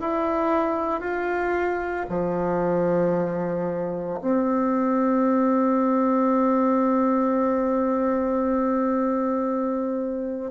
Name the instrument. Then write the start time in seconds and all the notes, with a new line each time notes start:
bassoon
0.00 E4
1.00 F4
2.09 F3
4.21 C4